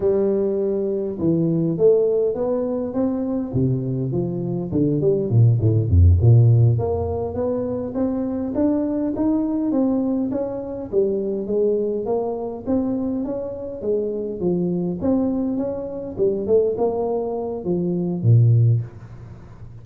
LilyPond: \new Staff \with { instrumentName = "tuba" } { \time 4/4 \tempo 4 = 102 g2 e4 a4 | b4 c'4 c4 f4 | d8 g8 ais,8 a,8 f,8 ais,4 ais8~ | ais8 b4 c'4 d'4 dis'8~ |
dis'8 c'4 cis'4 g4 gis8~ | gis8 ais4 c'4 cis'4 gis8~ | gis8 f4 c'4 cis'4 g8 | a8 ais4. f4 ais,4 | }